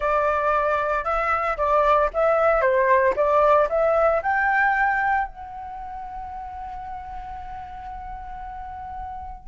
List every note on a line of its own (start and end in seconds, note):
0.00 1.04 D5
1.04 1.56 E5
1.57 2.09 D5
2.13 2.61 E5
2.61 3.13 C5
3.16 3.68 D5
3.69 4.22 E5
4.22 5.27 G5
5.27 9.48 F#5